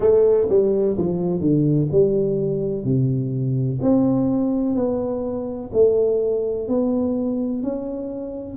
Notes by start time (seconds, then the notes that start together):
0.00 A3
0.49 G3
0.97 F3
1.40 D3
1.91 G3
2.84 C3
3.81 C4
4.74 B3
5.72 A3
6.68 B3
7.62 C#4